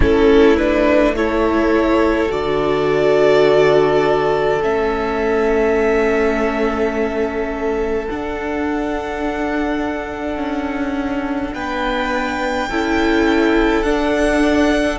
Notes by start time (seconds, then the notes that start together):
0.00 A3 C#4 E4 A4
0.56 D4 B4
1.16 E4 A4 C#5
2.28 D3 F#4 D5
4.62 A3 C#4 E5
8.07 D4 F#5
10.37 C#4
11.53 B3 B4 G5
12.69 C#4 E4 A4
13.82 D4 F#5